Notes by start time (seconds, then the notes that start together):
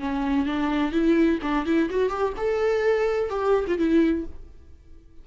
0.00 C#4
0.46 D4
0.92 E4
1.42 D4
1.66 E4
1.90 F#4
2.09 G4
2.37 A4
3.30 G4
3.67 F4
3.78 E4